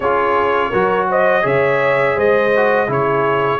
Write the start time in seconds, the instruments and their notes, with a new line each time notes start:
0.00 tuba C#4, trombone F4, horn G#4, trumpet C#5
0.69 tuba F#3, trombone F#4, horn A#4
1.09 horn C5, trumpet D#5
1.42 tuba C#3, trombone G#4, horn C#5, trumpet E5
2.15 tuba G#3, horn C5, trumpet D#5
2.56 trombone F#4
2.87 tuba C#3, trombone E4, horn G#4, trumpet C#5